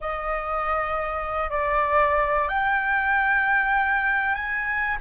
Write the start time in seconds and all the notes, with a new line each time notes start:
0.00 D#5
1.50 D5
2.48 G5
4.34 G#5